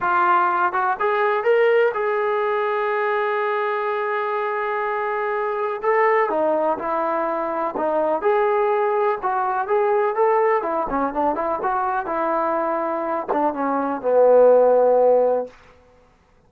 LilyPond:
\new Staff \with { instrumentName = "trombone" } { \time 4/4 \tempo 4 = 124 f'4. fis'8 gis'4 ais'4 | gis'1~ | gis'1 | a'4 dis'4 e'2 |
dis'4 gis'2 fis'4 | gis'4 a'4 e'8 cis'8 d'8 e'8 | fis'4 e'2~ e'8 d'8 | cis'4 b2. | }